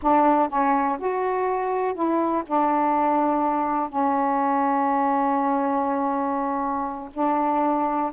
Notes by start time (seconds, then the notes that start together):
0.02 D4
0.48 C#4
0.99 F#4
1.94 E4
2.46 D4
3.89 C#4
7.13 D4